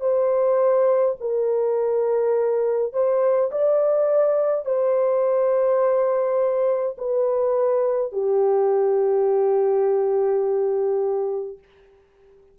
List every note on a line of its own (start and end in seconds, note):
0.00 1.15 C5
1.20 2.93 A#4
2.93 3.50 C5
3.51 4.65 D5
4.65 6.96 C5
6.98 8.12 B4
8.12 11.58 G4